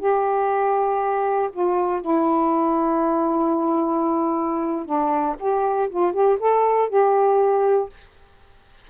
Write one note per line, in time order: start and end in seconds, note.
0.00 1.50 G4
1.53 2.02 F4
2.02 4.86 E4
4.86 5.36 D4
5.40 5.90 G4
5.90 6.13 F4
6.13 6.38 G4
6.40 6.90 A4
6.90 7.90 G4